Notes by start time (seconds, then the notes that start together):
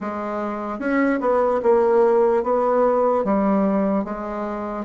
0.00 G#3
0.79 C#4
1.20 B3
1.63 A#3
2.43 B3
3.24 G3
4.04 G#3